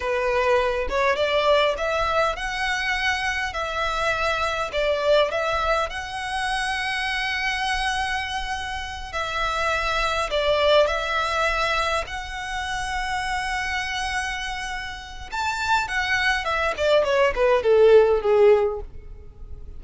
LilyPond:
\new Staff \with { instrumentName = "violin" } { \time 4/4 \tempo 4 = 102 b'4. cis''8 d''4 e''4 | fis''2 e''2 | d''4 e''4 fis''2~ | fis''2.~ fis''8 e''8~ |
e''4. d''4 e''4.~ | e''8 fis''2.~ fis''8~ | fis''2 a''4 fis''4 | e''8 d''8 cis''8 b'8 a'4 gis'4 | }